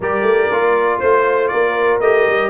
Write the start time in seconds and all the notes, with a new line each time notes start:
0.00 G3 G4 A#4 D5
0.21 A3
0.50 A#3 F4
0.99 A3 C5
1.48 A#3 A#4 D5
2.00 A3 G4 D#5
2.27 G3